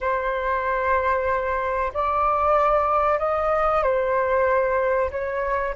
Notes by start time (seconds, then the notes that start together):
0.01 C5
1.93 D5
3.19 D#5
3.82 C5
5.10 C#5